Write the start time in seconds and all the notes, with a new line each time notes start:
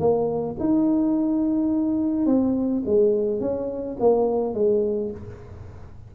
0.00 A#3
0.60 D#4
2.27 C4
2.86 G#3
3.41 C#4
4.00 A#3
4.55 G#3